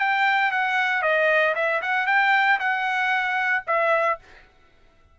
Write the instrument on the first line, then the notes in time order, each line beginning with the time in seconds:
trumpet
0.00 G5
0.52 F#5
1.03 D#5
1.56 E5
1.82 F#5
2.07 G5
2.60 F#5
3.67 E5